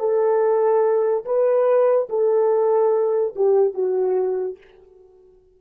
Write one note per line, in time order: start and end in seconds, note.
0.00 1.25 A4
1.25 2.09 B4
2.09 3.34 A4
3.36 3.75 G4
3.75 4.58 F#4